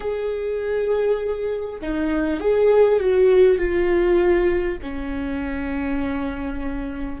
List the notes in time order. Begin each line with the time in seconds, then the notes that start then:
0.00 G#4
1.81 D#4
2.39 G#4
2.99 F#4
3.57 F4
4.82 C#4